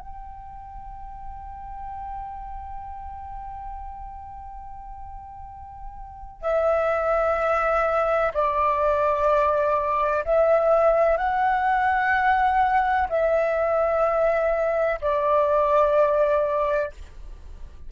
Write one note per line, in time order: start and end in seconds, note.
0.00 6.42 G5
6.42 8.32 E5
8.35 10.25 D5
10.25 11.18 E5
11.18 13.08 F#5
13.10 15.00 E5
15.02 16.92 D5